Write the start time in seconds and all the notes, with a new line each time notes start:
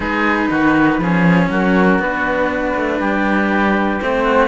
0.00 G#3 D#4 G#4 B4
0.50 D#3 F#4
0.98 F3 C#4 G#4
1.49 F#3 F#4 A#4
1.99 B3 D4 B4
2.75 A3
2.99 G3 G4
4.01 A3 C4 C5
4.23 F#4